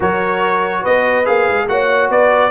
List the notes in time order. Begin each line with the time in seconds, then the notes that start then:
0.00 F#3 F#4 A#4 C#5
0.81 B3 B4 D#5
1.25 A#3 G#4 F5
1.49 G#3
1.68 A#3 F#4 C#5 F#5
2.09 B3 B4 D5